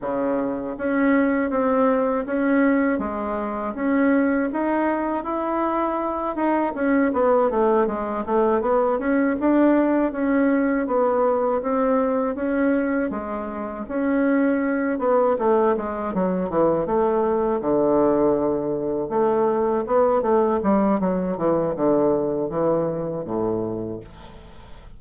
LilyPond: \new Staff \with { instrumentName = "bassoon" } { \time 4/4 \tempo 4 = 80 cis4 cis'4 c'4 cis'4 | gis4 cis'4 dis'4 e'4~ | e'8 dis'8 cis'8 b8 a8 gis8 a8 b8 | cis'8 d'4 cis'4 b4 c'8~ |
c'8 cis'4 gis4 cis'4. | b8 a8 gis8 fis8 e8 a4 d8~ | d4. a4 b8 a8 g8 | fis8 e8 d4 e4 a,4 | }